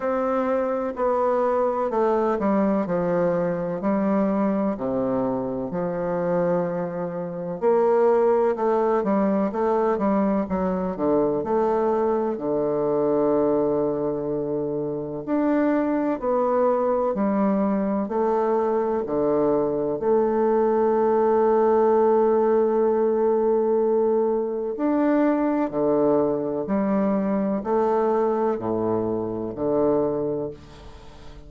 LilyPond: \new Staff \with { instrumentName = "bassoon" } { \time 4/4 \tempo 4 = 63 c'4 b4 a8 g8 f4 | g4 c4 f2 | ais4 a8 g8 a8 g8 fis8 d8 | a4 d2. |
d'4 b4 g4 a4 | d4 a2.~ | a2 d'4 d4 | g4 a4 a,4 d4 | }